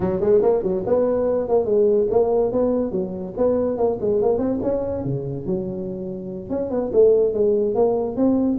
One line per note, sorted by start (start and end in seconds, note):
0.00 0.20 F#3
0.20 0.41 G#3
0.41 0.62 A#3
0.62 0.83 F#3
0.86 1.48 B3
1.48 1.65 A#3
1.65 2.07 G#3
2.10 2.52 A#3
2.52 2.91 B3
2.91 3.33 F#3
3.37 3.77 B3
3.77 3.98 A#3
4.01 4.21 G#3
4.21 4.38 A#3
4.38 4.59 C4
4.62 5.04 C#4
5.04 5.46 C#3
5.46 6.49 F#3
6.49 6.70 C#4
6.70 6.91 B3
6.92 7.33 A3
7.33 7.75 G#3
7.75 8.16 A#3
8.16 8.58 C4